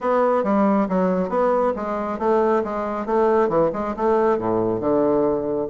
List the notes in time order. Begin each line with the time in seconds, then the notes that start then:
0.00 B3
0.43 G3
0.88 F#3
1.29 B3
1.76 G#3
2.18 A3
2.64 G#3
3.06 A3
3.48 E3
3.72 G#3
3.96 A3
4.38 A2
4.80 D3